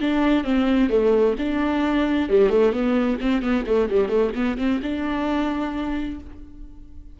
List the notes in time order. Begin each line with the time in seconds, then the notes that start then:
0.00 D4
0.44 C4
0.89 A3
1.38 D4
2.29 G3
2.49 A3
2.72 B3
3.20 C4
3.42 B3
3.66 A3
3.90 G3
4.08 A3
4.35 B3
4.57 C4
4.82 D4